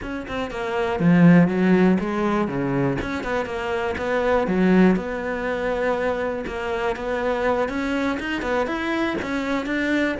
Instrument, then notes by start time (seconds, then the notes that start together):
cello
0.02 C#4
0.27 C4
0.50 A#3
0.99 F3
1.47 F#3
2.00 G#3
2.48 C#3
3.01 C#4
3.23 B3
3.45 A#3
3.97 B3
4.47 F#3
4.96 B3
6.46 A#3
6.96 B3
7.69 C#4
8.19 D#4
8.42 B3
8.66 E4
9.22 C#4
9.66 D4